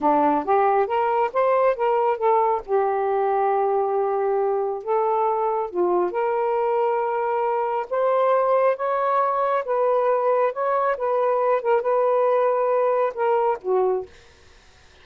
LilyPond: \new Staff \with { instrumentName = "saxophone" } { \time 4/4 \tempo 4 = 137 d'4 g'4 ais'4 c''4 | ais'4 a'4 g'2~ | g'2. a'4~ | a'4 f'4 ais'2~ |
ais'2 c''2 | cis''2 b'2 | cis''4 b'4. ais'8 b'4~ | b'2 ais'4 fis'4 | }